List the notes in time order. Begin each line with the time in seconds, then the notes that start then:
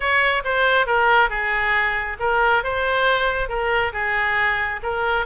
0.00 C#5
0.44 C5
0.86 A#4
1.29 G#4
2.19 A#4
2.63 C5
3.48 A#4
3.92 G#4
4.82 A#4